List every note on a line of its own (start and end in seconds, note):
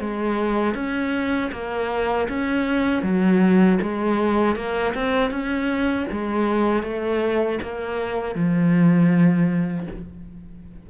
0.00 0.74 G#3
0.74 1.50 C#4
1.52 2.28 A#3
2.28 3.02 C#4
3.02 3.78 F#3
3.81 4.55 G#3
4.55 4.93 A#3
4.94 5.30 C4
5.30 6.06 C#4
6.11 6.83 G#3
6.83 7.58 A3
7.62 8.35 A#3
8.35 9.87 F3